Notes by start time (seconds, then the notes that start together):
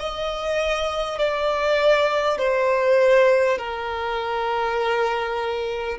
0.00 D#5
1.19 D5
2.38 C5
3.58 A#4